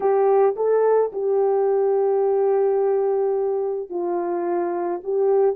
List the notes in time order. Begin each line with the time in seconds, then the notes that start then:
0.00 G4
0.56 A4
1.12 G4
3.89 F4
5.03 G4